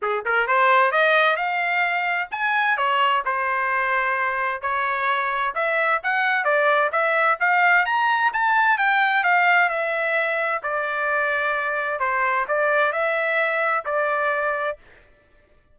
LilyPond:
\new Staff \with { instrumentName = "trumpet" } { \time 4/4 \tempo 4 = 130 gis'8 ais'8 c''4 dis''4 f''4~ | f''4 gis''4 cis''4 c''4~ | c''2 cis''2 | e''4 fis''4 d''4 e''4 |
f''4 ais''4 a''4 g''4 | f''4 e''2 d''4~ | d''2 c''4 d''4 | e''2 d''2 | }